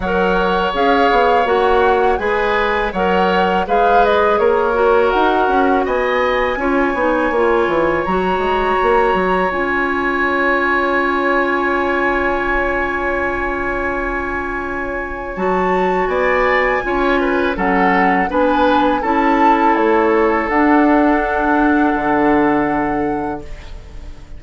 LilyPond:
<<
  \new Staff \with { instrumentName = "flute" } { \time 4/4 \tempo 4 = 82 fis''4 f''4 fis''4 gis''4 | fis''4 f''8 dis''8 cis''4 fis''4 | gis''2. ais''4~ | ais''4 gis''2.~ |
gis''1~ | gis''4 a''4 gis''2 | fis''4 gis''4 a''4 cis''4 | fis''1 | }
  \new Staff \with { instrumentName = "oboe" } { \time 4/4 cis''2. b'4 | cis''4 b'4 ais'2 | dis''4 cis''2.~ | cis''1~ |
cis''1~ | cis''2 d''4 cis''8 b'8 | a'4 b'4 a'2~ | a'1 | }
  \new Staff \with { instrumentName = "clarinet" } { \time 4/4 ais'4 gis'4 fis'4 gis'4 | ais'4 gis'4. fis'4.~ | fis'4 f'8 dis'8 f'4 fis'4~ | fis'4 f'2.~ |
f'1~ | f'4 fis'2 f'4 | cis'4 d'4 e'2 | d'1 | }
  \new Staff \with { instrumentName = "bassoon" } { \time 4/4 fis4 cis'8 b8 ais4 gis4 | fis4 gis4 ais4 dis'8 cis'8 | b4 cis'8 b8 ais8 e8 fis8 gis8 | ais8 fis8 cis'2.~ |
cis'1~ | cis'4 fis4 b4 cis'4 | fis4 b4 cis'4 a4 | d'2 d2 | }
>>